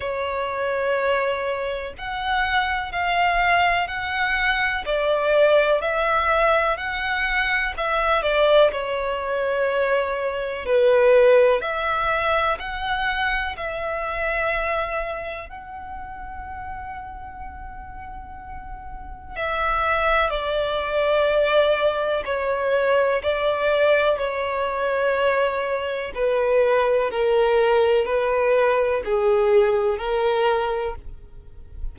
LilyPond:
\new Staff \with { instrumentName = "violin" } { \time 4/4 \tempo 4 = 62 cis''2 fis''4 f''4 | fis''4 d''4 e''4 fis''4 | e''8 d''8 cis''2 b'4 | e''4 fis''4 e''2 |
fis''1 | e''4 d''2 cis''4 | d''4 cis''2 b'4 | ais'4 b'4 gis'4 ais'4 | }